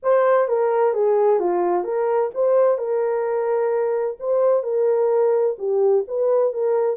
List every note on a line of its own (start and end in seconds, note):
0.03 0.48 C5
0.48 0.93 A#4
0.93 1.39 G#4
1.39 1.84 F4
1.84 2.30 A#4
2.34 2.77 C5
2.77 4.17 A#4
4.19 4.63 C5
4.63 5.56 A#4
5.58 6.04 G4
6.07 6.53 B4
6.53 6.96 A#4